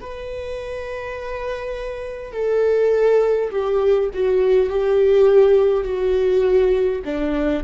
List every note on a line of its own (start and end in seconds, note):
0.00 2.33 B4
2.33 3.50 A4
3.51 4.10 G4
4.13 4.70 F#4
4.70 5.84 G4
5.84 7.02 F#4
7.05 7.64 D4